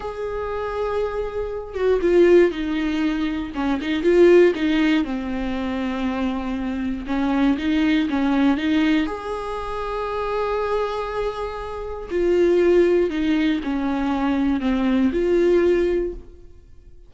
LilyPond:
\new Staff \with { instrumentName = "viola" } { \time 4/4 \tempo 4 = 119 gis'2.~ gis'8 fis'8 | f'4 dis'2 cis'8 dis'8 | f'4 dis'4 c'2~ | c'2 cis'4 dis'4 |
cis'4 dis'4 gis'2~ | gis'1 | f'2 dis'4 cis'4~ | cis'4 c'4 f'2 | }